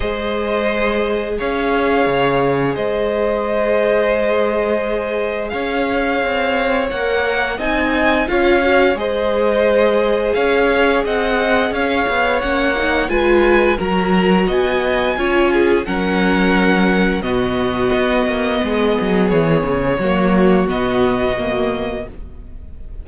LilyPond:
<<
  \new Staff \with { instrumentName = "violin" } { \time 4/4 \tempo 4 = 87 dis''2 f''2 | dis''1 | f''2 fis''4 gis''4 | f''4 dis''2 f''4 |
fis''4 f''4 fis''4 gis''4 | ais''4 gis''2 fis''4~ | fis''4 dis''2. | cis''2 dis''2 | }
  \new Staff \with { instrumentName = "violin" } { \time 4/4 c''2 cis''2 | c''1 | cis''2. dis''4 | cis''4 c''2 cis''4 |
dis''4 cis''2 b'4 | ais'4 dis''4 cis''8 gis'8 ais'4~ | ais'4 fis'2 gis'4~ | gis'4 fis'2. | }
  \new Staff \with { instrumentName = "viola" } { \time 4/4 gis'1~ | gis'1~ | gis'2 ais'4 dis'4 | f'8 fis'8 gis'2.~ |
gis'2 cis'8 dis'8 f'4 | fis'2 f'4 cis'4~ | cis'4 b2.~ | b4 ais4 b4 ais4 | }
  \new Staff \with { instrumentName = "cello" } { \time 4/4 gis2 cis'4 cis4 | gis1 | cis'4 c'4 ais4 c'4 | cis'4 gis2 cis'4 |
c'4 cis'8 b8 ais4 gis4 | fis4 b4 cis'4 fis4~ | fis4 b,4 b8 ais8 gis8 fis8 | e8 cis8 fis4 b,2 | }
>>